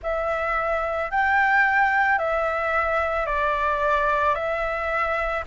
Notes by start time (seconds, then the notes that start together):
0.02 E5
1.10 G5
2.18 E5
3.25 D5
4.34 E5